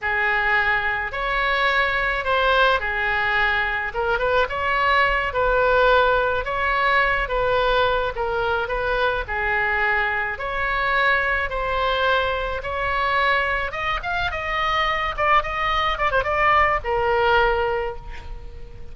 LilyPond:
\new Staff \with { instrumentName = "oboe" } { \time 4/4 \tempo 4 = 107 gis'2 cis''2 | c''4 gis'2 ais'8 b'8 | cis''4. b'2 cis''8~ | cis''4 b'4. ais'4 b'8~ |
b'8 gis'2 cis''4.~ | cis''8 c''2 cis''4.~ | cis''8 dis''8 f''8 dis''4. d''8 dis''8~ | dis''8 d''16 c''16 d''4 ais'2 | }